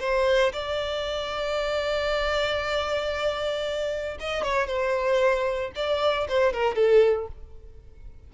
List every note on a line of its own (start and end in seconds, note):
0.00 0.52 C5
0.53 4.18 D5
4.20 4.43 D#5
4.43 4.67 C#5
4.67 5.72 C5
5.75 6.28 D5
6.29 6.53 C5
6.53 6.75 A#4
6.75 7.27 A4